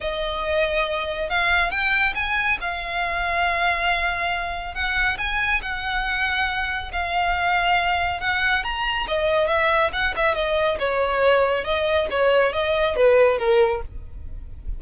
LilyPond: \new Staff \with { instrumentName = "violin" } { \time 4/4 \tempo 4 = 139 dis''2. f''4 | g''4 gis''4 f''2~ | f''2. fis''4 | gis''4 fis''2. |
f''2. fis''4 | ais''4 dis''4 e''4 fis''8 e''8 | dis''4 cis''2 dis''4 | cis''4 dis''4 b'4 ais'4 | }